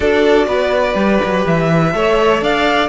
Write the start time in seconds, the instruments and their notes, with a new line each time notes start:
0.00 cello D4, viola F#4, violin A4 D5
0.46 cello B3, violin B4
0.95 cello G3, viola G4
1.24 cello F#3
1.46 cello E3, violin E5
1.93 cello A3, viola A4, violin C#5
2.41 cello D4, violin D5 F5